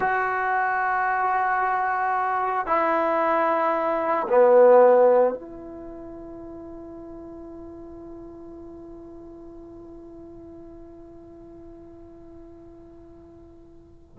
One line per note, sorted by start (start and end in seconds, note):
0.00 2.66 F#4
2.66 4.27 E4
4.28 5.33 B3
5.33 14.17 E4